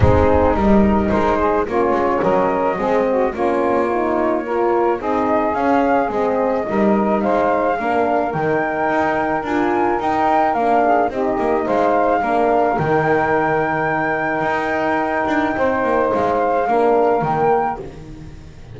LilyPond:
<<
  \new Staff \with { instrumentName = "flute" } { \time 4/4 \tempo 4 = 108 gis'4 ais'4 c''4 cis''4 | dis''2 cis''2~ | cis''4 dis''4 f''4 dis''4~ | dis''4 f''2 g''4~ |
g''4 gis''4 g''4 f''4 | dis''4 f''2 g''4~ | g''1~ | g''4 f''2 g''4 | }
  \new Staff \with { instrumentName = "saxophone" } { \time 4/4 dis'2 ais'8 gis'8 f'4 | ais'4 gis'8 fis'8 f'2 | ais'4 gis'2. | ais'4 c''4 ais'2~ |
ais'2.~ ais'8 gis'8 | g'4 c''4 ais'2~ | ais'1 | c''2 ais'2 | }
  \new Staff \with { instrumentName = "horn" } { \time 4/4 c'4 dis'2 cis'4~ | cis'4 c'4 cis'4 dis'4 | f'4 dis'4 cis'4 c'4 | dis'2 d'4 dis'4~ |
dis'4 f'4 dis'4 d'4 | dis'2 d'4 dis'4~ | dis'1~ | dis'2 d'4 ais4 | }
  \new Staff \with { instrumentName = "double bass" } { \time 4/4 gis4 g4 gis4 ais8 gis8 | fis4 gis4 ais2~ | ais4 c'4 cis'4 gis4 | g4 gis4 ais4 dis4 |
dis'4 d'4 dis'4 ais4 | c'8 ais8 gis4 ais4 dis4~ | dis2 dis'4. d'8 | c'8 ais8 gis4 ais4 dis4 | }
>>